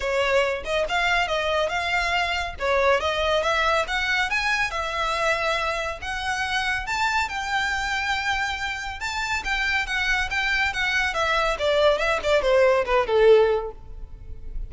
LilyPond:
\new Staff \with { instrumentName = "violin" } { \time 4/4 \tempo 4 = 140 cis''4. dis''8 f''4 dis''4 | f''2 cis''4 dis''4 | e''4 fis''4 gis''4 e''4~ | e''2 fis''2 |
a''4 g''2.~ | g''4 a''4 g''4 fis''4 | g''4 fis''4 e''4 d''4 | e''8 d''8 c''4 b'8 a'4. | }